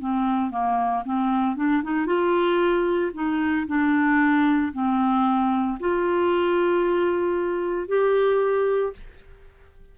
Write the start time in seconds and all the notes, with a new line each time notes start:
0.00 C4
0.51 A#3
1.05 C4
1.56 D4
1.83 D#4
2.06 F4
3.14 D#4
3.67 D4
4.73 C4
5.80 F4
7.88 G4